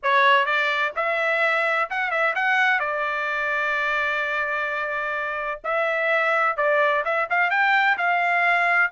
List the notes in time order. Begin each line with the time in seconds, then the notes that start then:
0.02 C#5
0.45 D5
0.95 E5
1.89 F#5
2.10 E5
2.35 F#5
2.79 D5
5.64 E5
6.56 D5
7.05 E5
7.30 F5
7.50 G5
7.97 F5